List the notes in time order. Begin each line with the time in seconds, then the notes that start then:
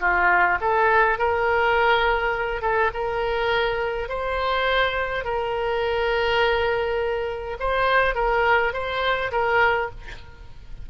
0.00 F4
0.61 A4
1.18 A#4
2.61 A4
2.93 A#4
4.09 C5
5.24 A#4
7.59 C5
8.15 A#4
8.73 C5
9.32 A#4